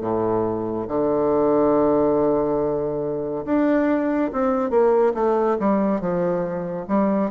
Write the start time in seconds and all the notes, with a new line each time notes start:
0.00 A2
0.87 D3
3.45 D4
4.32 C4
4.70 A#3
5.14 A3
5.59 G3
6.00 F3
6.87 G3